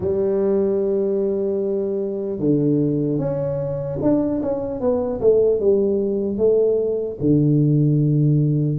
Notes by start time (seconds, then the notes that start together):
0.00 G3
2.39 D3
3.18 C#4
4.01 D4
4.42 C#4
4.80 B3
5.20 A3
5.60 G3
6.37 A3
7.20 D3